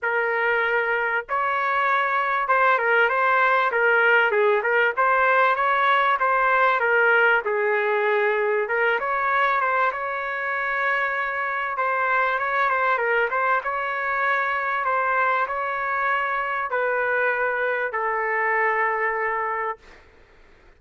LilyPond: \new Staff \with { instrumentName = "trumpet" } { \time 4/4 \tempo 4 = 97 ais'2 cis''2 | c''8 ais'8 c''4 ais'4 gis'8 ais'8 | c''4 cis''4 c''4 ais'4 | gis'2 ais'8 cis''4 c''8 |
cis''2. c''4 | cis''8 c''8 ais'8 c''8 cis''2 | c''4 cis''2 b'4~ | b'4 a'2. | }